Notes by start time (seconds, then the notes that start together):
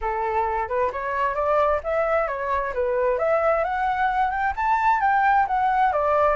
0.01 A4
0.68 B4
0.92 C#5
1.35 D5
1.83 E5
2.27 C#5
2.74 B4
3.18 E5
3.64 F#5
4.30 G5
4.56 A5
5.00 G5
5.47 F#5
5.92 D5